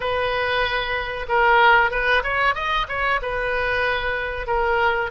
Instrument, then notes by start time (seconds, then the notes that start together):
oboe
0.00 B4
1.28 A#4
1.90 B4
2.23 C#5
2.54 D#5
2.88 C#5
3.22 B4
4.47 A#4